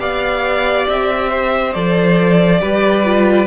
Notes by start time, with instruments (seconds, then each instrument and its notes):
0.00 cello B3, viola G4, violin D5 F5
0.89 cello C4, violin E5
1.30 violin C5
1.74 cello F3, viola A4, violin D5
2.60 cello G3, viola G4, violin B4
3.05 viola F4